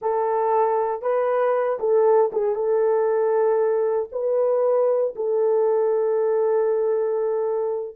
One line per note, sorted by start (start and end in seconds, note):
0.01 1.02 A4
1.02 1.79 B4
1.79 2.31 A4
2.32 2.55 G#4
2.55 4.09 A4
4.12 5.14 B4
5.15 7.96 A4